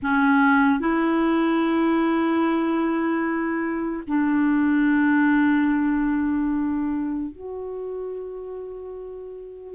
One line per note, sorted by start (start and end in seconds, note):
0.02 0.79 C#4
0.79 4.03 E4
4.07 7.31 D4
7.31 9.74 F#4